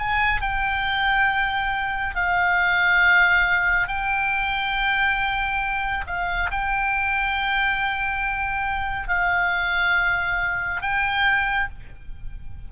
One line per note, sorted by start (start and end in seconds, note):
0.00 0.42 G#5
0.42 2.15 G5
2.16 3.88 F5
3.88 6.06 G5
6.08 6.51 F5
6.51 9.09 G5
9.09 10.82 F5
10.82 11.69 G5